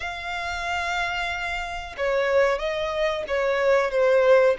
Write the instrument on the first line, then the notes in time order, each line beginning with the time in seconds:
violin
0.00 F5
1.97 C#5
2.58 D#5
3.27 C#5
3.90 C5